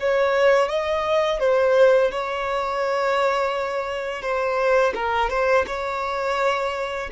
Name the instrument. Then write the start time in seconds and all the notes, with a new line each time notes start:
violin
0.00 C#5
0.68 D#5
1.40 C5
2.11 C#5
4.22 C5
4.95 A#4
5.30 C5
5.67 C#5